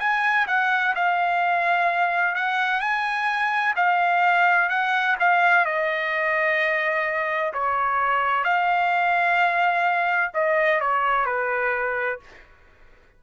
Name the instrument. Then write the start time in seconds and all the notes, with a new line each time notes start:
trumpet
0.00 G#5
0.48 F#5
0.96 F5
2.36 F#5
2.81 G#5
3.77 F5
4.70 F#5
5.20 F5
5.65 D#5
7.53 C#5
8.44 F5
10.34 D#5
10.81 C#5
11.26 B4